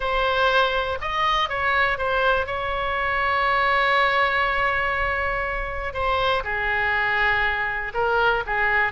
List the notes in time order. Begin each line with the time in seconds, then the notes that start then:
0.00 C5
1.01 D#5
1.49 C#5
1.97 C5
2.46 C#5
5.93 C5
6.44 G#4
7.94 A#4
8.46 G#4